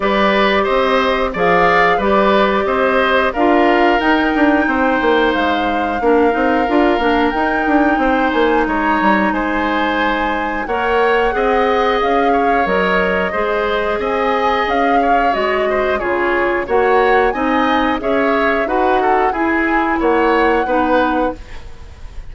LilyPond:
<<
  \new Staff \with { instrumentName = "flute" } { \time 4/4 \tempo 4 = 90 d''4 dis''4 f''4 d''4 | dis''4 f''4 g''2 | f''2. g''4~ | g''8 gis''8 ais''4 gis''2 |
fis''2 f''4 dis''4~ | dis''4 gis''4 f''4 dis''4 | cis''4 fis''4 gis''4 e''4 | fis''4 gis''4 fis''2 | }
  \new Staff \with { instrumentName = "oboe" } { \time 4/4 b'4 c''4 d''4 b'4 | c''4 ais'2 c''4~ | c''4 ais'2. | c''4 cis''4 c''2 |
cis''4 dis''4. cis''4. | c''4 dis''4. cis''4 c''8 | gis'4 cis''4 dis''4 cis''4 | b'8 a'8 gis'4 cis''4 b'4 | }
  \new Staff \with { instrumentName = "clarinet" } { \time 4/4 g'2 gis'4 g'4~ | g'4 f'4 dis'2~ | dis'4 d'8 dis'8 f'8 d'8 dis'4~ | dis'1 |
ais'4 gis'2 ais'4 | gis'2. fis'4 | f'4 fis'4 dis'4 gis'4 | fis'4 e'2 dis'4 | }
  \new Staff \with { instrumentName = "bassoon" } { \time 4/4 g4 c'4 f4 g4 | c'4 d'4 dis'8 d'8 c'8 ais8 | gis4 ais8 c'8 d'8 ais8 dis'8 d'8 | c'8 ais8 gis8 g8 gis2 |
ais4 c'4 cis'4 fis4 | gis4 c'4 cis'4 gis4 | cis4 ais4 c'4 cis'4 | dis'4 e'4 ais4 b4 | }
>>